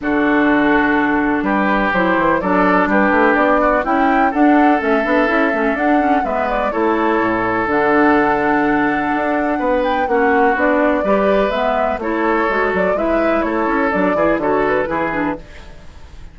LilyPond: <<
  \new Staff \with { instrumentName = "flute" } { \time 4/4 \tempo 4 = 125 a'2. b'4 | c''4 d''4 b'4 d''4 | g''4 fis''4 e''2 | fis''4 e''8 d''8 cis''2 |
fis''1~ | fis''8 g''8 fis''4 d''2 | e''4 cis''4. d''8 e''4 | cis''4 d''4 cis''8 b'4. | }
  \new Staff \with { instrumentName = "oboe" } { \time 4/4 fis'2. g'4~ | g'4 a'4 g'4. fis'8 | e'4 a'2.~ | a'4 b'4 a'2~ |
a'1 | b'4 fis'2 b'4~ | b'4 a'2 b'4 | a'4. gis'8 a'4 gis'4 | }
  \new Staff \with { instrumentName = "clarinet" } { \time 4/4 d'1 | e'4 d'2. | e'4 d'4 cis'8 d'8 e'8 cis'8 | d'8 cis'8 b4 e'2 |
d'1~ | d'4 cis'4 d'4 g'4 | b4 e'4 fis'4 e'4~ | e'4 d'8 e'8 fis'4 e'8 d'8 | }
  \new Staff \with { instrumentName = "bassoon" } { \time 4/4 d2. g4 | fis8 e8 fis4 g8 a8 b4 | cis'4 d'4 a8 b8 cis'8 a8 | d'4 gis4 a4 a,4 |
d2. d'4 | b4 ais4 b4 g4 | gis4 a4 gis8 fis8 gis4 | a8 cis'8 fis8 e8 d4 e4 | }
>>